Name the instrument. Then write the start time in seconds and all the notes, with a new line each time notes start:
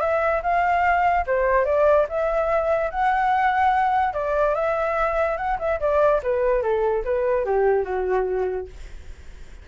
flute
0.00 E5
0.42 F5
1.26 C5
1.65 D5
2.09 E5
2.90 F#5
4.13 D5
4.54 E5
5.37 F#5
5.59 E5
5.80 D5
6.23 B4
6.62 A4
7.04 B4
7.45 G4
7.84 F#4